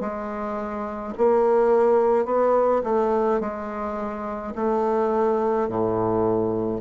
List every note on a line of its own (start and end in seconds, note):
0.00 1.13 G#3
1.17 2.25 A#3
2.25 2.81 B3
2.84 3.40 A3
3.40 4.53 G#3
4.55 5.68 A3
5.68 6.80 A2